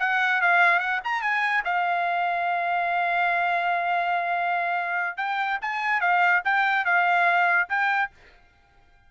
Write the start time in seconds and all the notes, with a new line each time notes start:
0.00 F#5
0.42 F5
0.80 F#5
1.05 A#5
1.22 G#5
1.65 F5
5.18 G5
5.62 G#5
6.01 F5
6.45 G5
6.85 F5
7.69 G5